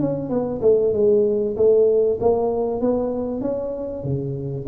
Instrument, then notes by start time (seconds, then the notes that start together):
tuba
0.00 C#4
0.30 B3
0.62 A3
0.93 G#3
1.56 A3
2.20 A#3
2.81 B3
3.41 C#4
4.03 C#3